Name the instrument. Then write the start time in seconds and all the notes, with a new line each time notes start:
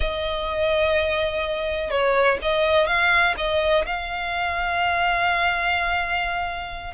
violin
0.00 D#5
1.90 C#5
2.42 D#5
2.87 F5
3.37 D#5
3.85 F5